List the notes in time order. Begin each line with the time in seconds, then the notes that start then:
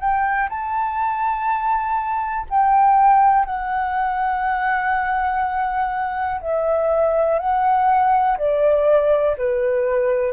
0.00 G5
0.50 A5
2.50 G5
3.46 F#5
6.41 E5
7.39 F#5
8.38 D5
9.38 B4